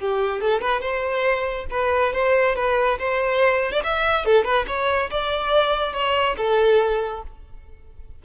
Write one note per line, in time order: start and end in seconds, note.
0.00 0.42 G4
0.42 0.62 A4
0.62 0.82 B4
0.82 1.67 C5
1.71 2.14 B4
2.14 2.56 C5
2.56 2.99 B4
2.99 3.72 C5
3.72 3.83 D5
3.84 4.26 E5
4.26 4.45 A4
4.45 4.66 B4
4.68 5.10 C#5
5.11 5.94 D5
5.94 6.36 C#5
6.38 7.23 A4